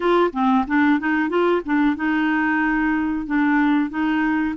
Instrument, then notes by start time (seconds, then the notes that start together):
clarinet
0.00 F4
0.32 C4
0.67 D4
0.99 D#4
1.29 F4
1.65 D4
1.96 D#4
3.26 D4
3.90 D#4